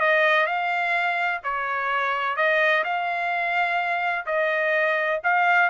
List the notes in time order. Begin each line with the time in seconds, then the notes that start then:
0.00 D#5
0.46 F5
1.44 C#5
2.36 D#5
2.84 F5
4.26 D#5
5.24 F5